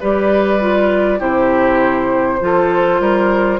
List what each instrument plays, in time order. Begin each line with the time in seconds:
0.00 bassoon G3, clarinet G4, oboe B4, flute D5
0.60 clarinet F4
1.19 bassoon C3, clarinet E4, oboe G4, flute C5
2.41 bassoon F3, clarinet F4, oboe A4
3.00 bassoon G3, oboe A#4